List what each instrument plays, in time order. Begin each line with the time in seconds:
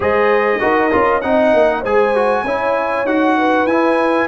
0.00 tuba G#3, trombone G#4, horn C5, trumpet D#5
0.59 tuba D#4, trombone F#4, horn A#4
0.90 tuba C#4, trombone F4
1.21 tuba C4, trombone D#4, horn D#5, trumpet F#5
1.53 tuba A#3
1.80 tuba G#3, trombone G#4, horn C5, trumpet G#5
2.15 trombone F#4
2.43 tuba C#4, trombone E4, horn C#5
3.04 tuba D#4, trombone F#4, trumpet F#5
3.37 horn B4
3.66 tuba E4, trombone E4, trumpet G#5